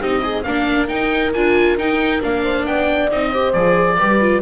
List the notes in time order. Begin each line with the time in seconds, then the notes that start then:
0.00 C4 D#4 G4 D#5
0.20 D#4 G#4
0.43 A#3 D4 A#4 F5
0.87 D#4 G5
1.33 D4 F4 G#5
1.77 D#4 G5
2.20 A#3 D4 F5
2.42 C5
2.66 B3 D5 G5
3.10 C4 D#4 D#5
3.29 G4 C5
3.53 F3 G#4 D5
3.98 G3 G4 B4
4.20 F4